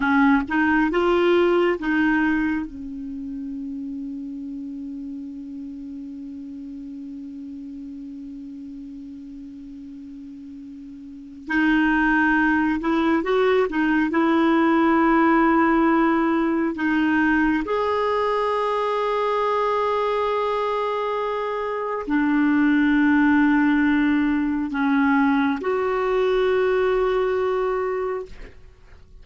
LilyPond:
\new Staff \with { instrumentName = "clarinet" } { \time 4/4 \tempo 4 = 68 cis'8 dis'8 f'4 dis'4 cis'4~ | cis'1~ | cis'1~ | cis'4 dis'4. e'8 fis'8 dis'8 |
e'2. dis'4 | gis'1~ | gis'4 d'2. | cis'4 fis'2. | }